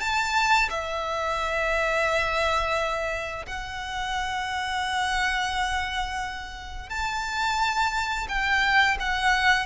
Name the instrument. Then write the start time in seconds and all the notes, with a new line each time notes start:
violin
0.00 A5
0.70 E5
3.46 F#5
6.89 A5
8.29 G5
9.00 F#5